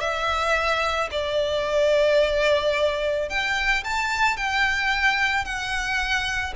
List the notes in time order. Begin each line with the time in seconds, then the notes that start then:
0.00 E5
1.11 D5
3.29 G5
3.84 A5
4.37 G5
5.45 F#5